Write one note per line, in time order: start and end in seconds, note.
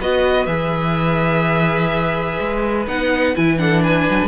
0.00 0.47 B3
0.00 0.48 F#4
0.00 3.61 B4
0.00 0.46 D#5
0.46 2.39 E3
0.46 2.88 G#4
0.46 2.86 E5
2.40 2.87 G#3
2.87 3.35 B3
2.87 3.36 D#4
2.87 3.36 F#5
3.36 4.09 E3
3.36 3.58 E4
3.36 3.59 G#5
3.58 4.28 D4
3.58 3.83 A4
3.58 3.83 F#5
3.83 4.28 B4
3.83 4.28 G#5
4.10 4.22 F#3
4.22 4.28 G#3